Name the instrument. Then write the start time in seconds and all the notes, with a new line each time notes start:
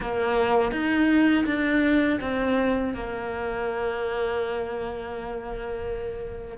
cello
0.00 A#3
0.72 D#4
1.46 D4
2.20 C4
2.94 A#3